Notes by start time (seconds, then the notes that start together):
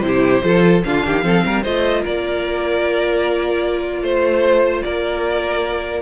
0.00 C3 E4 G4 C5
0.43 F3 F4 A4
0.83 D3 D4 F4 F5
1.06 D#3 G4
1.22 F3 C4 A4
1.45 G3 A#4
1.62 A3 F4 C5 D#5
2.01 A#3 A#4 D5
4.01 A3 C5
4.82 A#3 A#4 D5